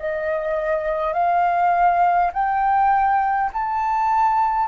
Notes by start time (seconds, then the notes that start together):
0.00 D#5
1.14 F5
2.33 G5
3.54 A5